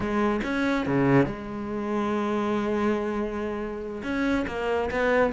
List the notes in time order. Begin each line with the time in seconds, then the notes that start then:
0.00 G#3
0.43 C#4
0.86 C#3
1.26 G#3
4.03 C#4
4.47 A#3
4.90 B3